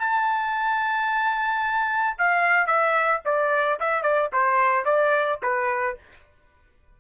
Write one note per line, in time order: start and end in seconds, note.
0.00 2.18 A5
2.19 2.67 F5
2.67 3.22 E5
3.25 3.80 D5
3.80 4.03 E5
4.03 4.30 D5
4.33 4.85 C5
4.85 5.40 D5
5.43 5.98 B4